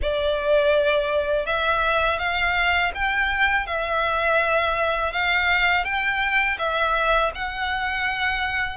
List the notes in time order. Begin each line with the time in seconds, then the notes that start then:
0.02 D5
1.46 E5
2.19 F5
2.94 G5
3.66 E5
5.12 F5
5.84 G5
6.58 E5
7.34 F#5